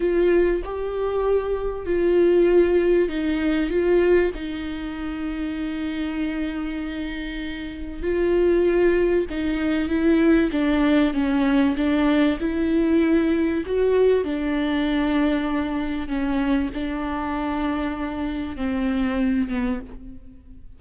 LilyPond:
\new Staff \with { instrumentName = "viola" } { \time 4/4 \tempo 4 = 97 f'4 g'2 f'4~ | f'4 dis'4 f'4 dis'4~ | dis'1~ | dis'4 f'2 dis'4 |
e'4 d'4 cis'4 d'4 | e'2 fis'4 d'4~ | d'2 cis'4 d'4~ | d'2 c'4. b8 | }